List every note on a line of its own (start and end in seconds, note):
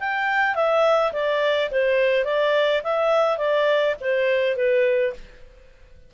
0.00 0.55 G5
0.55 1.12 E5
1.13 1.70 D5
1.71 2.25 C5
2.25 2.82 D5
2.84 3.38 E5
3.38 3.95 D5
4.01 4.56 C5
4.56 5.14 B4